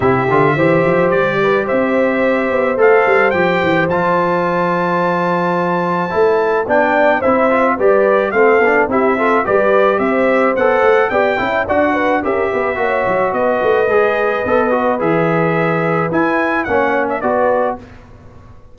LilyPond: <<
  \new Staff \with { instrumentName = "trumpet" } { \time 4/4 \tempo 4 = 108 e''2 d''4 e''4~ | e''4 f''4 g''4 a''4~ | a''1 | g''4 e''4 d''4 f''4 |
e''4 d''4 e''4 fis''4 | g''4 fis''4 e''2 | dis''2. e''4~ | e''4 gis''4 fis''8. e''16 d''4 | }
  \new Staff \with { instrumentName = "horn" } { \time 4/4 g'4 c''4. b'8 c''4~ | c''1~ | c''1 | d''4 c''4 b'4 a'4 |
g'8 a'8 b'4 c''2 | d''8 e''8 d''8 b'8 ais'8 b'8 cis''4 | b'1~ | b'2 cis''4 b'4 | }
  \new Staff \with { instrumentName = "trombone" } { \time 4/4 e'8 f'8 g'2.~ | g'4 a'4 g'4 f'4~ | f'2. e'4 | d'4 e'8 f'8 g'4 c'8 d'8 |
e'8 f'8 g'2 a'4 | g'8 e'8 fis'4 g'4 fis'4~ | fis'4 gis'4 a'8 fis'8 gis'4~ | gis'4 e'4 cis'4 fis'4 | }
  \new Staff \with { instrumentName = "tuba" } { \time 4/4 c8 d8 e8 f8 g4 c'4~ | c'8 b8 a8 g8 f8 e8 f4~ | f2. a4 | b4 c'4 g4 a8 b8 |
c'4 g4 c'4 b8 a8 | b8 cis'8 d'4 cis'8 b8 ais8 fis8 | b8 a8 gis4 b4 e4~ | e4 e'4 ais4 b4 | }
>>